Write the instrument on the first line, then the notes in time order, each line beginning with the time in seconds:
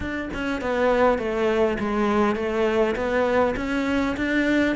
cello
0.00 D4
0.33 C#4
0.61 B3
1.18 A3
1.79 G#3
2.35 A3
2.95 B3
3.56 C#4
4.16 D4